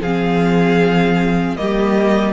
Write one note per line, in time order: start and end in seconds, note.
0.00 1.56 F3
0.00 1.57 C4
0.00 1.57 G#4
0.00 1.56 F5
1.56 2.32 G3
1.56 2.32 A#3
1.56 2.32 G4
1.56 2.32 D#5